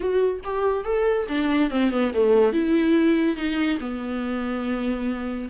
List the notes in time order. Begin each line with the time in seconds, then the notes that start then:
0.00 F#4
0.44 G4
0.84 A4
1.28 D4
1.70 C4
1.90 B3
2.14 A3
2.52 E4
3.36 D#4
3.80 B3